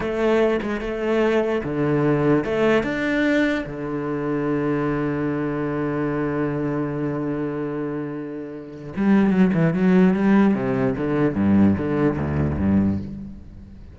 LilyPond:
\new Staff \with { instrumentName = "cello" } { \time 4/4 \tempo 4 = 148 a4. gis8 a2 | d2 a4 d'4~ | d'4 d2.~ | d1~ |
d1~ | d2 g4 fis8 e8 | fis4 g4 c4 d4 | g,4 d4 d,4 g,4 | }